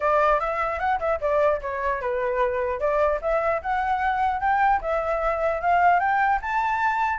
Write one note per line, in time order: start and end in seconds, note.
0.00 0.40 D5
0.40 0.79 E5
0.79 0.99 F#5
0.99 1.19 E5
1.20 1.60 D5
1.61 2.01 C#5
2.01 2.79 B4
2.79 3.19 D5
3.21 3.61 E5
3.61 4.40 F#5
4.40 4.80 G5
4.81 5.61 E5
5.61 5.99 F5
5.99 6.39 G5
6.41 7.18 A5